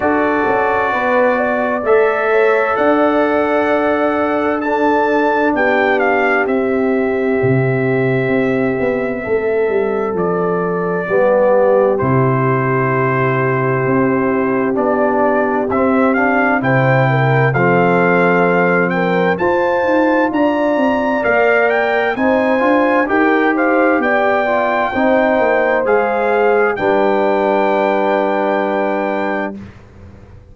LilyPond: <<
  \new Staff \with { instrumentName = "trumpet" } { \time 4/4 \tempo 4 = 65 d''2 e''4 fis''4~ | fis''4 a''4 g''8 f''8 e''4~ | e''2. d''4~ | d''4 c''2. |
d''4 e''8 f''8 g''4 f''4~ | f''8 g''8 a''4 ais''4 f''8 g''8 | gis''4 g''8 f''8 g''2 | f''4 g''2. | }
  \new Staff \with { instrumentName = "horn" } { \time 4/4 a'4 b'8 d''4 cis''8 d''4~ | d''4 a'4 g'2~ | g'2 a'2 | g'1~ |
g'2 c''8 ais'8 a'4~ | a'8 ais'8 c''4 d''2 | c''4 ais'8 c''8 d''4 c''4~ | c''4 b'2. | }
  \new Staff \with { instrumentName = "trombone" } { \time 4/4 fis'2 a'2~ | a'4 d'2 c'4~ | c'1 | b4 e'2. |
d'4 c'8 d'8 e'4 c'4~ | c'4 f'2 ais'4 | dis'8 f'8 g'4. f'8 dis'4 | gis'4 d'2. | }
  \new Staff \with { instrumentName = "tuba" } { \time 4/4 d'8 cis'8 b4 a4 d'4~ | d'2 b4 c'4 | c4 c'8 b8 a8 g8 f4 | g4 c2 c'4 |
b4 c'4 c4 f4~ | f4 f'8 dis'8 d'8 c'8 ais4 | c'8 d'8 dis'4 b4 c'8 ais8 | gis4 g2. | }
>>